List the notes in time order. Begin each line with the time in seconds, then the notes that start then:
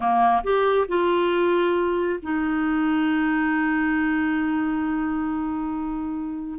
0.00 A#3
0.43 G4
0.88 F4
2.22 D#4